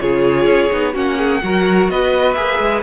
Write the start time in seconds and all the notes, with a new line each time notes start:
0.00 C#3 F4 G#4 C#5
0.45 C#4
0.71 B3 D#4
0.93 A#3 C#4 F#4 F#5
1.17 G#4
1.42 F#3 F#4 A#4
1.89 B3 B4 D#5
2.33 A#3 G#4 E5
2.59 G#3